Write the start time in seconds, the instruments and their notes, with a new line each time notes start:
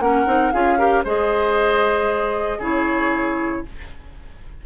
0.00 bassoon A#3, clarinet C#4, oboe A#4, flute F#5
0.27 bassoon C4, clarinet D#4
0.52 bassoon C#4, clarinet F4, oboe G#4, flute F5
0.79 clarinet G4, oboe A#4
1.04 bassoon G#3, clarinet G#4, oboe C5, flute D#5
2.59 bassoon C#3, clarinet E4, oboe G#4, flute C#5